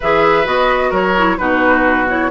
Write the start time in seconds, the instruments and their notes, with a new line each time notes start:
0.00 bassoon E3, clarinet G#4, oboe B4, flute E5
0.44 bassoon B3, clarinet F#4, flute D#5
0.90 bassoon F#3, oboe A#4, flute C#5
1.17 clarinet E4
1.37 bassoon B2, clarinet D#4, oboe F#4, flute B4
2.08 clarinet E4, flute C#5